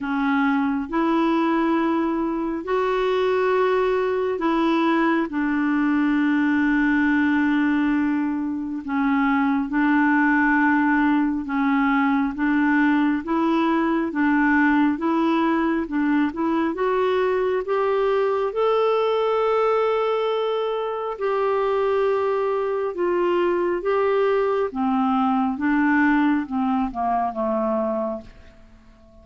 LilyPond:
\new Staff \with { instrumentName = "clarinet" } { \time 4/4 \tempo 4 = 68 cis'4 e'2 fis'4~ | fis'4 e'4 d'2~ | d'2 cis'4 d'4~ | d'4 cis'4 d'4 e'4 |
d'4 e'4 d'8 e'8 fis'4 | g'4 a'2. | g'2 f'4 g'4 | c'4 d'4 c'8 ais8 a4 | }